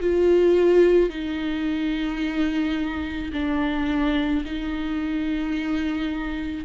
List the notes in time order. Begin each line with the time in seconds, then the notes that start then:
0.00 F4
1.09 D#4
3.32 D4
4.44 D#4